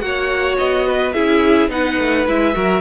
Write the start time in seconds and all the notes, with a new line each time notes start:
0.00 A#3 F#4 C#5 F#5
0.58 B3 D#5
0.87 B4
1.13 C#4 E4 G#4 E5
1.69 B3 D#4 B4 F#5
1.98 A3
2.27 G#3 E4 E5
2.54 F#3 F#4 A#4